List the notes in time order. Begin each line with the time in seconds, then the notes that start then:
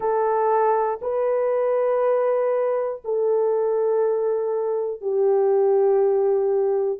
0.00 A4
1.01 B4
3.04 A4
5.01 G4